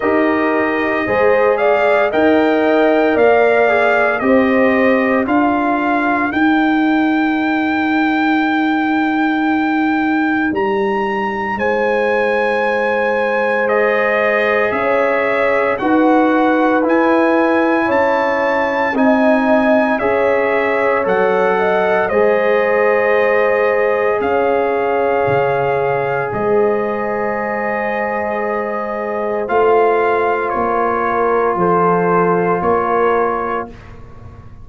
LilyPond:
<<
  \new Staff \with { instrumentName = "trumpet" } { \time 4/4 \tempo 4 = 57 dis''4. f''8 g''4 f''4 | dis''4 f''4 g''2~ | g''2 ais''4 gis''4~ | gis''4 dis''4 e''4 fis''4 |
gis''4 a''4 gis''4 e''4 | fis''4 dis''2 f''4~ | f''4 dis''2. | f''4 cis''4 c''4 cis''4 | }
  \new Staff \with { instrumentName = "horn" } { \time 4/4 ais'4 c''8 d''8 dis''4 d''4 | c''4 ais'2.~ | ais'2. c''4~ | c''2 cis''4 b'4~ |
b'4 cis''4 dis''4 cis''4~ | cis''8 dis''8 c''2 cis''4~ | cis''4 c''2.~ | c''4. ais'8 a'4 ais'4 | }
  \new Staff \with { instrumentName = "trombone" } { \time 4/4 g'4 gis'4 ais'4. gis'8 | g'4 f'4 dis'2~ | dis'1~ | dis'4 gis'2 fis'4 |
e'2 dis'4 gis'4 | a'4 gis'2.~ | gis'1 | f'1 | }
  \new Staff \with { instrumentName = "tuba" } { \time 4/4 dis'4 gis4 dis'4 ais4 | c'4 d'4 dis'2~ | dis'2 g4 gis4~ | gis2 cis'4 dis'4 |
e'4 cis'4 c'4 cis'4 | fis4 gis2 cis'4 | cis4 gis2. | a4 ais4 f4 ais4 | }
>>